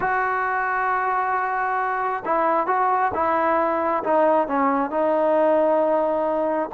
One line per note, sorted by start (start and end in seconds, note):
0.00 2.23 F#4
2.25 2.66 E4
2.66 3.11 F#4
3.13 4.03 E4
4.03 4.47 D#4
4.47 4.90 C#4
4.90 6.69 D#4